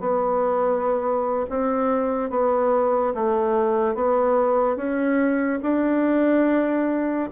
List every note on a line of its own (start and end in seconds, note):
0.00 1.46 B3
1.50 2.30 C4
2.30 3.13 B3
3.14 3.95 A3
3.95 4.76 B3
4.76 5.59 C#4
5.62 7.29 D4